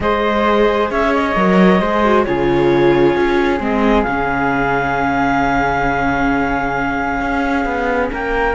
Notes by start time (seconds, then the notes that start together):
0.00 G#3 G#4 C5 D#5
0.90 C#4 C#5 E5
1.13 D#5
1.35 F#3 A#4
1.80 G#3 G#4 C5
2.04 F#4
2.23 C#3 F4 G#4 C#5
3.16 C#4
3.60 G#3 C4 D#5
4.02 C#3 C#4 F5
7.20 C#4
7.65 B3
8.12 A#3 A#4 G5